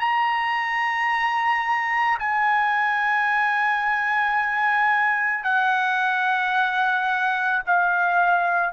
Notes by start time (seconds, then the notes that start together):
0.00 A#5
2.19 G#5
5.44 F#5
7.67 F5